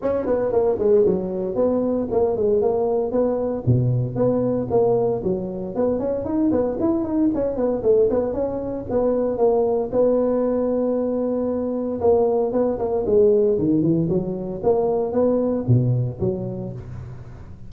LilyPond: \new Staff \with { instrumentName = "tuba" } { \time 4/4 \tempo 4 = 115 cis'8 b8 ais8 gis8 fis4 b4 | ais8 gis8 ais4 b4 b,4 | b4 ais4 fis4 b8 cis'8 | dis'8 b8 e'8 dis'8 cis'8 b8 a8 b8 |
cis'4 b4 ais4 b4~ | b2. ais4 | b8 ais8 gis4 dis8 e8 fis4 | ais4 b4 b,4 fis4 | }